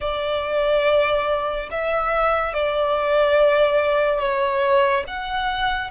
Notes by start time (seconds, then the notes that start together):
0.00 D5
1.71 E5
2.54 D5
4.19 C#5
5.07 F#5